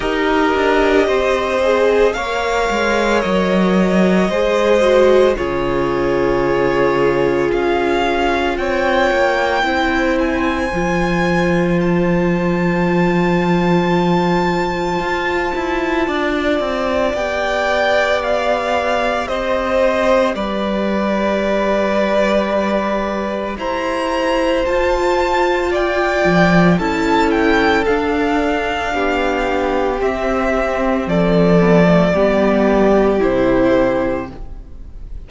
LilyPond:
<<
  \new Staff \with { instrumentName = "violin" } { \time 4/4 \tempo 4 = 56 dis''2 f''4 dis''4~ | dis''4 cis''2 f''4 | g''4. gis''4. a''4~ | a''1 |
g''4 f''4 dis''4 d''4~ | d''2 ais''4 a''4 | g''4 a''8 g''8 f''2 | e''4 d''2 c''4 | }
  \new Staff \with { instrumentName = "violin" } { \time 4/4 ais'4 c''4 cis''2 | c''4 gis'2. | cis''4 c''2.~ | c''2. d''4~ |
d''2 c''4 b'4~ | b'2 c''2 | d''4 a'2 g'4~ | g'4 a'4 g'2 | }
  \new Staff \with { instrumentName = "viola" } { \time 4/4 g'4. gis'8 ais'2 | gis'8 fis'8 f'2.~ | f'4 e'4 f'2~ | f'1 |
g'1~ | g'2. f'4~ | f'4 e'4 d'2 | c'4. b16 a16 b4 e'4 | }
  \new Staff \with { instrumentName = "cello" } { \time 4/4 dis'8 d'8 c'4 ais8 gis8 fis4 | gis4 cis2 cis'4 | c'8 ais8 c'4 f2~ | f2 f'8 e'8 d'8 c'8 |
b2 c'4 g4~ | g2 e'4 f'4~ | f'8 f8 cis'4 d'4 b4 | c'4 f4 g4 c4 | }
>>